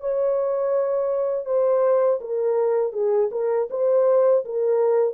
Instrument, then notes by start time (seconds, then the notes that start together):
horn
0.00 C#5
1.45 C5
2.21 A#4
2.93 G#4
3.31 A#4
3.70 C5
4.45 A#4